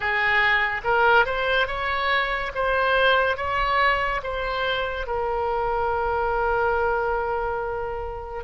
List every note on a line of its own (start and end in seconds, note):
0.00 0.81 G#4
0.84 1.25 A#4
1.25 1.67 C5
1.67 2.51 C#5
2.55 3.36 C5
3.36 4.21 C#5
4.23 5.07 C5
5.07 8.44 A#4